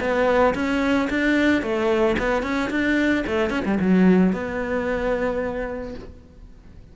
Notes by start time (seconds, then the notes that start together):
0.00 B3
0.54 C#4
1.10 D4
1.62 A3
2.18 B3
2.43 C#4
2.70 D4
3.26 A3
3.49 C#4
3.65 G3
3.80 F#3
4.32 B3